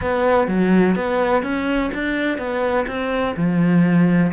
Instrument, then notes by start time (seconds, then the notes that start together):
cello
0.01 B3
0.47 F#3
0.95 B3
1.42 C#4
1.94 D4
2.38 B3
2.87 C4
3.36 F3